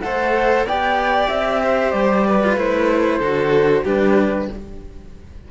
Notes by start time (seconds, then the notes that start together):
0.00 A3 A4 C5 F#5
0.64 B3 G4 D5 G5
1.28 C4 E5
1.63 C5
1.91 G3 D5
2.27 B4
2.44 F4
2.56 A3 E4 C5
3.19 D3 F#4 A4
3.84 G3 D4 G4 B4